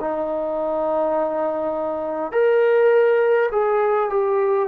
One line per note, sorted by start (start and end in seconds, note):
0.00 2.32 D#4
2.32 3.50 A#4
3.51 4.10 G#4
4.10 4.68 G4